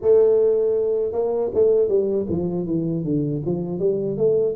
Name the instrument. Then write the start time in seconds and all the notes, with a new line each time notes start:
tuba
0.01 A3
1.12 A#3
1.54 A3
1.88 G3
2.29 F3
2.66 E3
3.04 D3
3.45 F3
3.79 G3
4.17 A3